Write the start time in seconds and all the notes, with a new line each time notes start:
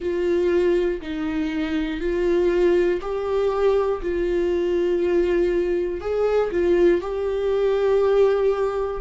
0.00 F4
1.01 D#4
2.00 F4
3.01 G4
4.01 F4
6.00 G#4
6.51 F4
7.00 G4